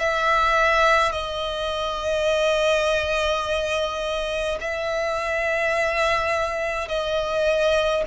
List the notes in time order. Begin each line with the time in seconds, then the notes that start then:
0.00 E5
1.12 D#5
4.61 E5
6.89 D#5